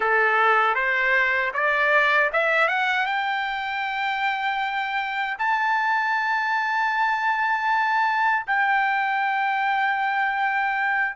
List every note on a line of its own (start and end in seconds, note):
0.00 0.74 A4
0.74 1.51 C5
1.53 2.30 D5
2.33 2.67 E5
2.67 3.06 F#5
3.06 5.36 G5
5.38 8.46 A5
8.47 11.16 G5